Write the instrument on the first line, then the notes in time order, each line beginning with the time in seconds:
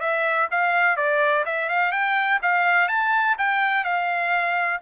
trumpet
0.00 E5
0.51 F5
0.97 D5
1.46 E5
1.69 F5
1.92 G5
2.42 F5
2.88 A5
3.38 G5
3.84 F5